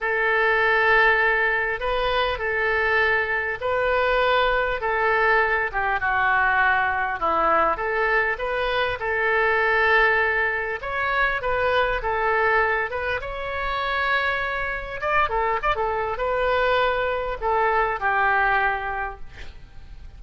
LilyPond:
\new Staff \with { instrumentName = "oboe" } { \time 4/4 \tempo 4 = 100 a'2. b'4 | a'2 b'2 | a'4. g'8 fis'2 | e'4 a'4 b'4 a'4~ |
a'2 cis''4 b'4 | a'4. b'8 cis''2~ | cis''4 d''8 a'8 d''16 a'8. b'4~ | b'4 a'4 g'2 | }